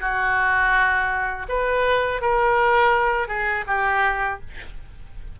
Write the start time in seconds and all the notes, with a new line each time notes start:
0.00 F#4
1.48 B4
2.21 A#4
3.28 G#4
3.67 G4